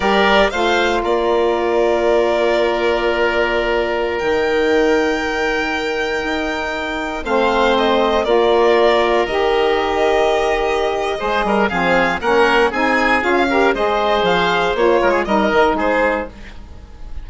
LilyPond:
<<
  \new Staff \with { instrumentName = "violin" } { \time 4/4 \tempo 4 = 118 d''4 f''4 d''2~ | d''1~ | d''16 g''2.~ g''8.~ | g''2~ g''16 f''4 dis''8.~ |
dis''16 d''2 dis''4.~ dis''16~ | dis''2. f''4 | fis''4 gis''4 f''4 dis''4 | f''4 cis''4 dis''4 c''4 | }
  \new Staff \with { instrumentName = "oboe" } { \time 4/4 ais'4 c''4 ais'2~ | ais'1~ | ais'1~ | ais'2~ ais'16 c''4.~ c''16~ |
c''16 ais'2.~ ais'8.~ | ais'2 c''8 ais'8 gis'4 | ais'4 gis'4. ais'8 c''4~ | c''4. ais'16 gis'16 ais'4 gis'4 | }
  \new Staff \with { instrumentName = "saxophone" } { \time 4/4 g'4 f'2.~ | f'1~ | f'16 dis'2.~ dis'8.~ | dis'2~ dis'16 c'4.~ c'16~ |
c'16 f'2 g'4.~ g'16~ | g'2 gis'4 c'4 | cis'4 dis'4 f'8 g'8 gis'4~ | gis'4 f'4 dis'2 | }
  \new Staff \with { instrumentName = "bassoon" } { \time 4/4 g4 a4 ais2~ | ais1~ | ais16 dis2.~ dis8.~ | dis16 dis'2 a4.~ a16~ |
a16 ais2 dis4.~ dis16~ | dis2 gis8 g8 f4 | ais4 c'4 cis'4 gis4 | f4 ais8 gis8 g8 dis8 gis4 | }
>>